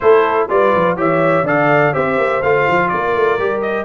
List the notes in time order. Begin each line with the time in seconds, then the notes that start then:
0.00 A3 E4 A4 C5
0.49 G3 F4 B4 D5
0.74 F3
0.96 E3 G4 C#5 E5
1.43 D3 A4 D5 F5
1.93 C4 G4 C5 E5
2.18 A#3
2.42 A3 F4 F5
2.67 F3
2.88 A#3 A#4 D5
3.15 A3
3.38 G3 G4
3.61 D#5